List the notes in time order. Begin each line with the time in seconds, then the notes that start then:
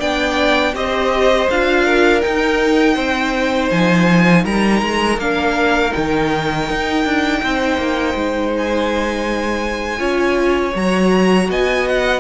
0.00 B3 D4 D5 G5
0.74 C4 G4 C5 D#5
1.50 D4 F4 F5
1.86 A#4
2.21 D#4 G5
2.95 C4 C5
3.71 F3 G#5
4.44 G3 A#4 A#5
4.82 G#3
5.18 A#3 D4 F5
5.90 D#4 G5
5.97 D#3
6.70 D#4
7.05 D4
7.44 C4 C5
7.77 A#3
8.15 G#3
8.58 G#5
9.98 C#4 F4 C#5
10.75 F#3 F#4 A#5
11.49 B3 D#5 G#5
11.89 F#5